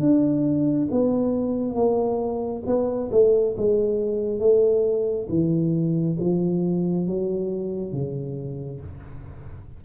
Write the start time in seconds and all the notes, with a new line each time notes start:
0.00 D4
0.91 B3
1.75 A#3
2.66 B3
3.12 A3
3.57 G#3
4.40 A3
5.29 E3
6.20 F3
7.07 F#3
7.93 C#3